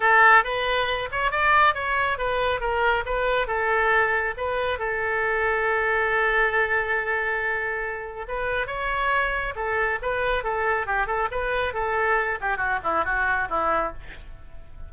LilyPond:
\new Staff \with { instrumentName = "oboe" } { \time 4/4 \tempo 4 = 138 a'4 b'4. cis''8 d''4 | cis''4 b'4 ais'4 b'4 | a'2 b'4 a'4~ | a'1~ |
a'2. b'4 | cis''2 a'4 b'4 | a'4 g'8 a'8 b'4 a'4~ | a'8 g'8 fis'8 e'8 fis'4 e'4 | }